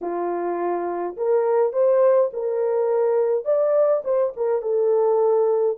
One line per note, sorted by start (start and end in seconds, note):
0.01 1.16 F4
1.16 1.72 A#4
1.72 2.30 C5
2.33 3.45 A#4
3.45 4.02 D5
4.04 4.33 C5
4.36 4.62 A#4
4.62 5.77 A4